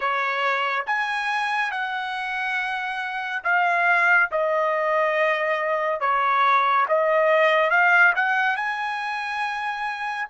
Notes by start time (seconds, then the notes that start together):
0.00 C#5
0.86 G#5
1.71 F#5
3.43 F5
4.31 D#5
6.00 C#5
6.88 D#5
7.70 F5
8.15 F#5
8.56 G#5